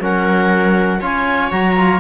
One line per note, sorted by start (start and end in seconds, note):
0.00 1.01 F#3
0.00 1.00 C#4
0.00 1.01 A#4
0.00 1.03 F#5
1.01 1.51 C#4
1.01 1.51 F4
1.01 2.00 C#5
1.01 1.51 G#5
1.51 2.00 F#3
1.51 1.76 F#4
1.51 2.00 A#5
1.77 2.00 F4